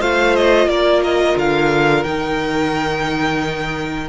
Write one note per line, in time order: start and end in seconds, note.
0.00 0.67 A3
0.00 2.06 F4
0.00 0.68 C5
0.00 0.36 F5
0.36 0.69 D#5
0.67 1.35 A#3
0.67 4.09 A#4
0.67 1.03 D5
1.04 1.38 D#5
1.36 2.05 D3
1.36 2.04 F5
2.04 4.09 D#3
2.04 4.09 D#4
2.04 4.09 G5